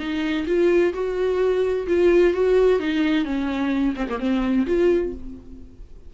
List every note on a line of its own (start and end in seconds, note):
0.00 0.47 D#4
0.47 0.93 F4
0.94 1.87 F#4
1.88 2.34 F4
2.34 2.80 F#4
2.80 3.25 D#4
3.25 3.95 C#4
3.96 4.08 C4
4.09 4.20 A#3
4.20 4.66 C4
4.67 5.13 F4